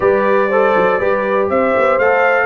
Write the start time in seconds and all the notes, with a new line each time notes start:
0.00 G3 G4 B4 D5
0.49 A4 C5
0.76 F#3
0.98 G3 G4 B4
1.49 C4 C5 E5
1.77 B3
1.98 A3 A4 F5